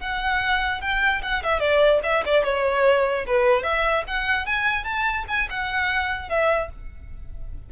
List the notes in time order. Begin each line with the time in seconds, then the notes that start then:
0.00 F#5
0.81 G5
1.22 F#5
1.43 E5
1.59 D5
2.03 E5
2.25 D5
2.44 C#5
3.27 B4
3.63 E5
4.07 F#5
4.46 G#5
4.84 A5
5.28 G#5
5.50 F#5
6.29 E5